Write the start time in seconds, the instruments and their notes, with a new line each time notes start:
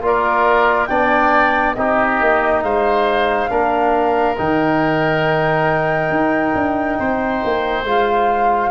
0.00 tuba A#3, trombone F4, oboe A#4, flute D5
0.87 tuba B3, trombone D4, oboe D5, flute G5
1.74 tuba C4, trombone D#4, oboe G4, flute D#5
2.21 tuba A#3
2.62 tuba G#3, oboe C5, flute F5
3.49 tuba A#3, trombone D4, oboe A#4
4.37 tuba D#3, trombone D#4, flute G5
6.10 tuba D#4
6.55 tuba D4
6.98 tuba C4, oboe C5
7.44 tuba A#3
7.83 tuba G#3, trombone F4, flute F5